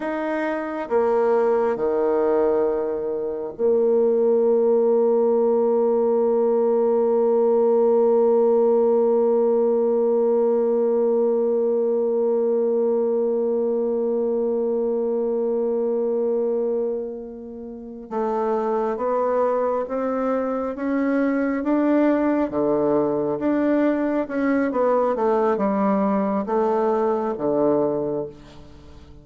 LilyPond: \new Staff \with { instrumentName = "bassoon" } { \time 4/4 \tempo 4 = 68 dis'4 ais4 dis2 | ais1~ | ais1~ | ais1~ |
ais1~ | ais8 a4 b4 c'4 cis'8~ | cis'8 d'4 d4 d'4 cis'8 | b8 a8 g4 a4 d4 | }